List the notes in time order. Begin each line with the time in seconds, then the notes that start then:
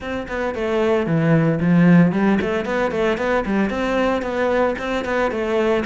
0.00 C4
0.28 B3
0.54 A3
1.06 E3
1.60 F3
2.11 G3
2.41 A3
2.65 B3
2.91 A3
3.17 B3
3.45 G3
3.70 C4
4.22 B3
4.78 C4
5.04 B3
5.31 A3